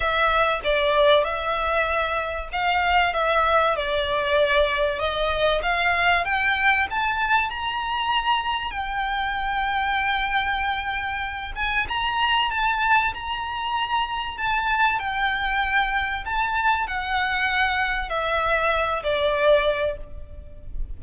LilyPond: \new Staff \with { instrumentName = "violin" } { \time 4/4 \tempo 4 = 96 e''4 d''4 e''2 | f''4 e''4 d''2 | dis''4 f''4 g''4 a''4 | ais''2 g''2~ |
g''2~ g''8 gis''8 ais''4 | a''4 ais''2 a''4 | g''2 a''4 fis''4~ | fis''4 e''4. d''4. | }